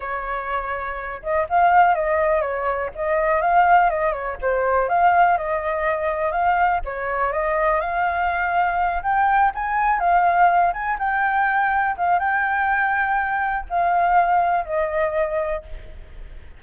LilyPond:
\new Staff \with { instrumentName = "flute" } { \time 4/4 \tempo 4 = 123 cis''2~ cis''8 dis''8 f''4 | dis''4 cis''4 dis''4 f''4 | dis''8 cis''8 c''4 f''4 dis''4~ | dis''4 f''4 cis''4 dis''4 |
f''2~ f''8 g''4 gis''8~ | gis''8 f''4. gis''8 g''4.~ | g''8 f''8 g''2. | f''2 dis''2 | }